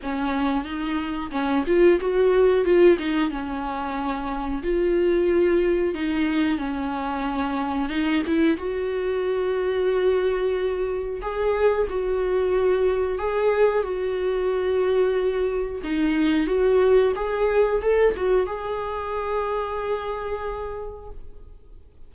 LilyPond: \new Staff \with { instrumentName = "viola" } { \time 4/4 \tempo 4 = 91 cis'4 dis'4 cis'8 f'8 fis'4 | f'8 dis'8 cis'2 f'4~ | f'4 dis'4 cis'2 | dis'8 e'8 fis'2.~ |
fis'4 gis'4 fis'2 | gis'4 fis'2. | dis'4 fis'4 gis'4 a'8 fis'8 | gis'1 | }